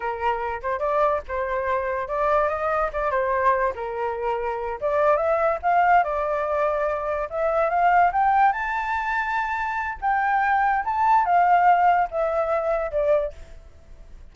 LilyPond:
\new Staff \with { instrumentName = "flute" } { \time 4/4 \tempo 4 = 144 ais'4. c''8 d''4 c''4~ | c''4 d''4 dis''4 d''8 c''8~ | c''4 ais'2~ ais'8 d''8~ | d''8 e''4 f''4 d''4.~ |
d''4. e''4 f''4 g''8~ | g''8 a''2.~ a''8 | g''2 a''4 f''4~ | f''4 e''2 d''4 | }